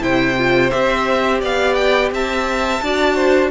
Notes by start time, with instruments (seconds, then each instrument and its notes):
0.00 cello C3, viola E4, violin C5 G5
0.37 viola F4
0.70 cello C4, viola G4, violin E5
1.40 cello B3, violin D5 F5
1.74 violin G5
2.11 cello C4, violin E5 A5
2.81 cello D4, viola F#4, violin D5
3.15 violin C5